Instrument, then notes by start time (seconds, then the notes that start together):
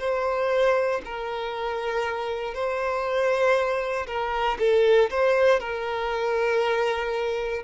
violin
0.00 C5
1.05 A#4
2.54 C5
4.07 A#4
4.59 A4
5.10 C5
5.60 A#4